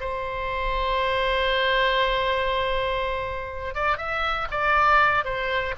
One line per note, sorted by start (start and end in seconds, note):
0.00 3.74 C5
3.74 3.97 D5
3.97 4.47 E5
4.51 5.24 D5
5.24 5.74 C5